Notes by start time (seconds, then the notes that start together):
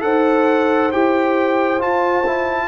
0.00 D#4 A4 C5 F#5
0.91 E4 G4 G5
1.79 F4 A5
2.26 E4